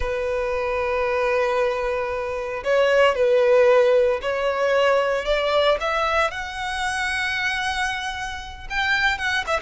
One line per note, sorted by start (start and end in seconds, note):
0.00 2.63 B4
2.64 3.15 C#5
3.15 4.20 B4
4.21 5.25 C#5
5.25 5.78 D5
5.80 6.30 E5
6.30 8.67 F#5
8.69 9.18 G5
9.18 9.44 F#5
9.46 9.60 E5